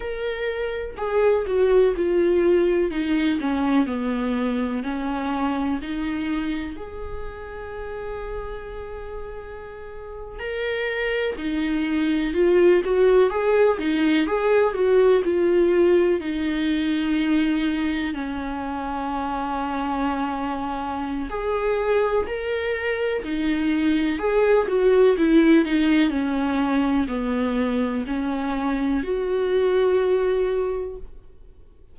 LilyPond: \new Staff \with { instrumentName = "viola" } { \time 4/4 \tempo 4 = 62 ais'4 gis'8 fis'8 f'4 dis'8 cis'8 | b4 cis'4 dis'4 gis'4~ | gis'2~ gis'8. ais'4 dis'16~ | dis'8. f'8 fis'8 gis'8 dis'8 gis'8 fis'8 f'16~ |
f'8. dis'2 cis'4~ cis'16~ | cis'2 gis'4 ais'4 | dis'4 gis'8 fis'8 e'8 dis'8 cis'4 | b4 cis'4 fis'2 | }